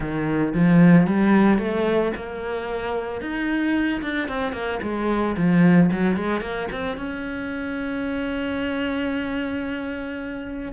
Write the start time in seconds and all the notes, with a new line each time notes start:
0.00 D#3
0.54 F3
1.06 G3
1.58 A3
2.16 A#3
3.21 D#4
4.02 D4
4.28 C4
4.52 A#3
4.82 G#3
5.36 F3
5.91 F#3
6.16 G#3
6.40 A#3
6.71 C4
6.97 C#4